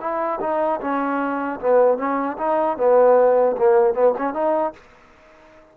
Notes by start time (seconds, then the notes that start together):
0.00 E4
0.41 D#4
0.81 C#4
1.60 B3
1.97 C#4
2.38 D#4
2.77 B3
3.57 A#3
3.94 B3
4.18 C#4
4.33 D#4